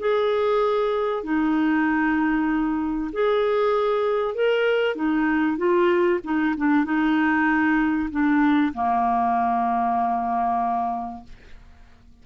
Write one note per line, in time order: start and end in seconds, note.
0.00 1.24 G#4
1.24 3.11 D#4
3.13 4.35 G#4
4.35 4.96 A#4
4.96 5.58 D#4
5.58 6.20 F4
6.24 6.55 D#4
6.57 6.85 D4
6.85 8.10 D#4
8.11 8.74 D4
8.74 11.24 A#3